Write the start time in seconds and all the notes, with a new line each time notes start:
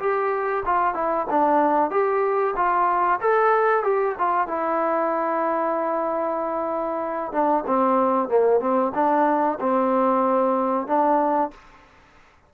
0.00 G4
0.66 F4
0.95 E4
1.31 D4
1.91 G4
2.56 F4
3.21 A4
3.84 G4
4.19 F4
4.48 E4
7.33 D4
7.67 C4
8.29 A#3
8.61 C4
8.95 D4
9.61 C4
10.87 D4